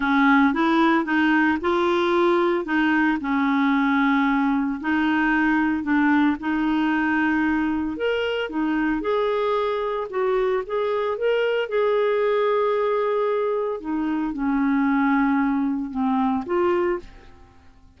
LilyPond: \new Staff \with { instrumentName = "clarinet" } { \time 4/4 \tempo 4 = 113 cis'4 e'4 dis'4 f'4~ | f'4 dis'4 cis'2~ | cis'4 dis'2 d'4 | dis'2. ais'4 |
dis'4 gis'2 fis'4 | gis'4 ais'4 gis'2~ | gis'2 dis'4 cis'4~ | cis'2 c'4 f'4 | }